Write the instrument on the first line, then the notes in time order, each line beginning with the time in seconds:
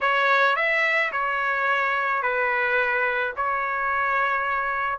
trumpet
0.01 C#5
0.56 E5
1.12 C#5
2.22 B4
3.36 C#5